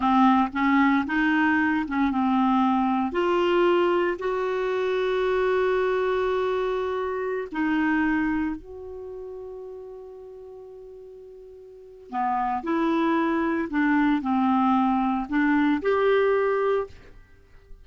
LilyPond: \new Staff \with { instrumentName = "clarinet" } { \time 4/4 \tempo 4 = 114 c'4 cis'4 dis'4. cis'8 | c'2 f'2 | fis'1~ | fis'2~ fis'16 dis'4.~ dis'16~ |
dis'16 fis'2.~ fis'8.~ | fis'2. b4 | e'2 d'4 c'4~ | c'4 d'4 g'2 | }